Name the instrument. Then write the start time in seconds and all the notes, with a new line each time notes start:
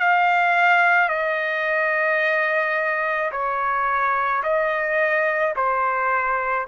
trumpet
0.00 F5
1.09 D#5
3.32 C#5
4.43 D#5
5.56 C5